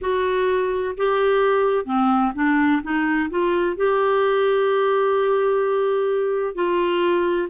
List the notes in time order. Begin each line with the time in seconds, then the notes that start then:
0.01 F#4
0.97 G4
1.85 C4
2.34 D4
2.83 D#4
3.29 F4
3.76 G4
6.54 F4